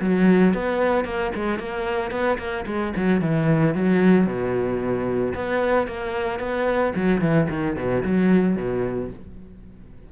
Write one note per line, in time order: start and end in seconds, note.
0.00 0.54 F#3
0.54 1.04 B3
1.04 1.31 A#3
1.35 1.59 G#3
1.59 2.11 A#3
2.11 2.37 B3
2.38 2.65 A#3
2.66 2.93 G#3
2.96 3.21 F#3
3.21 3.74 E3
3.74 4.26 F#3
4.26 5.34 B2
5.34 5.87 B3
5.87 6.39 A#3
6.39 6.93 B3
6.95 7.21 F#3
7.21 7.48 E3
7.49 7.76 D#3
7.76 8.03 B2
8.03 8.56 F#3
8.56 9.10 B2